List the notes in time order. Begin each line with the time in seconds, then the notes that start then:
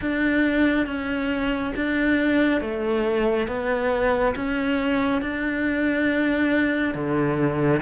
0.01 D4
0.86 C#4
1.75 D4
2.60 A3
3.47 B3
4.35 C#4
5.21 D4
6.94 D3